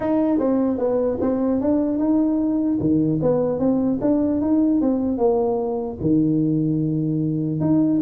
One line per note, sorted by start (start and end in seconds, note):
0.00 0.38 D#4
0.39 0.77 C4
0.77 1.17 B3
1.20 1.60 C4
1.60 1.98 D4
1.98 2.78 D#4
2.80 3.20 D#3
3.22 3.59 B3
3.59 3.99 C4
4.01 4.41 D4
4.41 4.81 D#4
4.81 5.17 C4
5.17 5.97 A#3
6.01 7.60 D#3
7.60 8.00 D#4